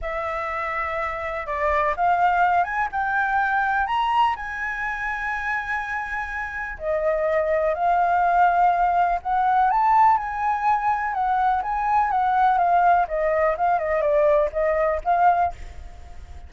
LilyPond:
\new Staff \with { instrumentName = "flute" } { \time 4/4 \tempo 4 = 124 e''2. d''4 | f''4. gis''8 g''2 | ais''4 gis''2.~ | gis''2 dis''2 |
f''2. fis''4 | a''4 gis''2 fis''4 | gis''4 fis''4 f''4 dis''4 | f''8 dis''8 d''4 dis''4 f''4 | }